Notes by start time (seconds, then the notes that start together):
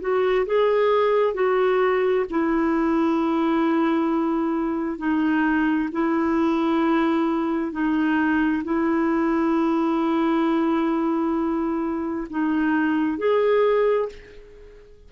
0.00 F#4
0.45 G#4
1.34 F#4
2.30 E4
4.98 D#4
5.91 E4
7.71 D#4
8.64 E4
12.30 D#4
13.18 G#4